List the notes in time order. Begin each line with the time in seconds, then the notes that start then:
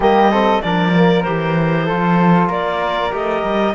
0.00 G3 A#3 G4 D#5
0.30 C4 A4
0.61 F3 D4 A#4 D5
0.94 A#3
1.22 E3 G4 C5
1.85 F3 F4 A4
2.48 A#3 A#4 D5
3.10 A3 G4 D#5
3.43 G3